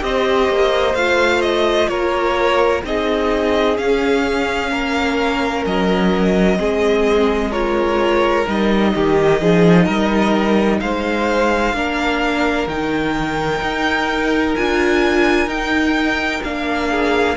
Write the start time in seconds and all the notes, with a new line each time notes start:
0.00 C4 G4 C5 D#5
0.49 A#3
0.94 A3 F4 F5
1.41 D#5
1.88 A#3 A#4 C#5
2.84 C4 D#4 G#4 D#5
3.76 C#4 F5
4.71 A#3 A#4
5.65 F#3 D#5
6.56 G#3 C4 G#4
7.51 F4 A#4 C#5
8.46 G3 D#4 D#5
8.94 D#3 G4
9.41 F3 G#4
9.85 G3 A#4
10.79 G#3 C5 F5
11.73 A#3 D4 A#4
12.67 D#3 D#4 G5
13.61 D#4
14.55 D4 F4 G#5
15.46 D#4 G5
16.43 A#3 D4 F5
16.89 G#4